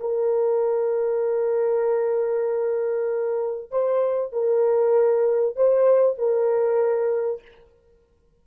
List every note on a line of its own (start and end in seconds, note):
0.00 3.71 A#4
3.71 4.33 C5
4.33 5.56 A#4
5.56 6.18 C5
6.18 7.42 A#4